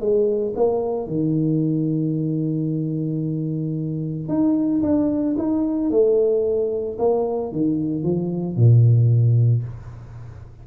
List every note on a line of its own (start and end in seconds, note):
0.00 0.54 G#3
0.55 1.07 A#3
1.07 4.28 D#3
4.28 4.82 D#4
4.82 5.36 D4
5.38 5.90 D#4
5.90 6.97 A3
6.98 7.52 A#3
7.52 8.03 D#3
8.03 8.56 F3
8.56 9.63 A#2